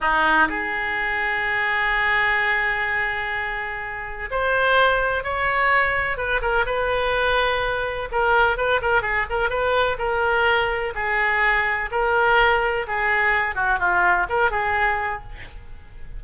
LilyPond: \new Staff \with { instrumentName = "oboe" } { \time 4/4 \tempo 4 = 126 dis'4 gis'2.~ | gis'1~ | gis'4 c''2 cis''4~ | cis''4 b'8 ais'8 b'2~ |
b'4 ais'4 b'8 ais'8 gis'8 ais'8 | b'4 ais'2 gis'4~ | gis'4 ais'2 gis'4~ | gis'8 fis'8 f'4 ais'8 gis'4. | }